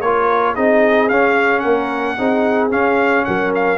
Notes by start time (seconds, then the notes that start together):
0.00 A#3 F4 A#4 C#5
0.55 C4 D#4 G#4 D#5
1.09 C#4 F5
1.59 A#3 A#4 F#5
2.18 C4 D#4 G#4
2.70 C#4 F5
3.25 F#3 A#4 F#5
3.55 F5